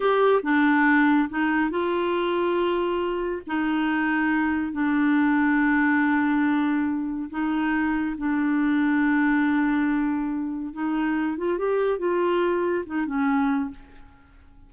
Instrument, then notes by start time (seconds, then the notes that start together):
clarinet
0.00 G4
0.43 D4
1.29 D#4
1.70 F4
3.46 D#4
4.72 D4
7.30 D#4
8.17 D4
10.73 D#4
11.37 F4
11.58 G4
11.98 F4
12.86 D#4
13.06 C#4